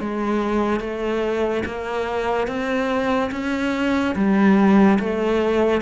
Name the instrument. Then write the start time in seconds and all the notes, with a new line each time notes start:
cello
0.00 G#3
0.80 A3
1.66 A#3
2.47 C4
3.31 C#4
4.15 G3
5.00 A3